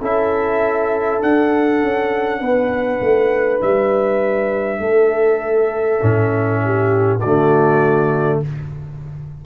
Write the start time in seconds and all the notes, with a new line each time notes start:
0.00 C#4 E4 A4 E5
1.22 D4 F#5
1.82 C#4
2.41 B3 B4
3.01 A3
3.61 G3 E5
4.79 A3 A4
5.99 A2 C#4
6.64 G4
7.20 D3 A3 F#4 D5